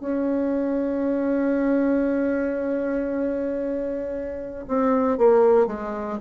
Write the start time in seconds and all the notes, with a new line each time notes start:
0.00 C#4
4.68 C4
5.18 A#3
5.67 G#3